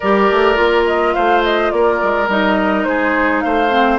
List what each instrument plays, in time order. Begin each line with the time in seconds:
0.00 bassoon G3, clarinet G4, oboe A#4, flute D5
0.30 bassoon A3
0.55 bassoon A#3, clarinet F4
0.86 flute D#5
1.14 bassoon A3, oboe C5, flute F5
1.43 flute D#5
1.71 bassoon A#3, oboe A#4, flute D5
2.02 bassoon G#3
2.28 bassoon G3, clarinet D#4, flute D#5
2.84 bassoon G#3, oboe G#4, flute C5
3.40 bassoon A3, oboe C5, flute F5
3.70 clarinet C4